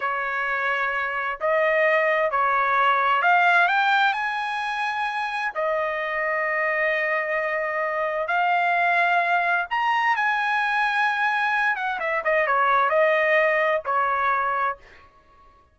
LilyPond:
\new Staff \with { instrumentName = "trumpet" } { \time 4/4 \tempo 4 = 130 cis''2. dis''4~ | dis''4 cis''2 f''4 | g''4 gis''2. | dis''1~ |
dis''2 f''2~ | f''4 ais''4 gis''2~ | gis''4. fis''8 e''8 dis''8 cis''4 | dis''2 cis''2 | }